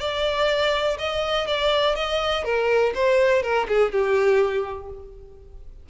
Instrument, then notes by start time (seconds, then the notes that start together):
violin
0.00 D5
0.99 D#5
1.47 D5
1.96 D#5
2.45 A#4
2.95 C5
3.43 A#4
3.68 G#4
3.92 G4